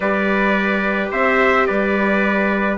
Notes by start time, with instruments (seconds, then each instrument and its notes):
0.00 bassoon G3, viola G4, trumpet B4 D5
1.11 bassoon C4, trumpet C5 E5
1.66 bassoon G3, trumpet B4 D5